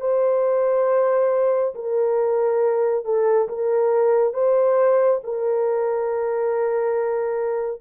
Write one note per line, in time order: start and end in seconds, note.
0.00 1.74 C5
1.74 3.04 A#4
3.04 3.48 A4
3.48 4.33 A#4
4.33 5.20 C5
5.23 7.81 A#4